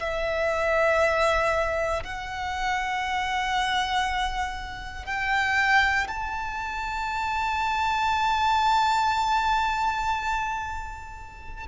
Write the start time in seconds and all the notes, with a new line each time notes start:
0.00 E5
2.04 F#5
5.06 G5
6.08 A5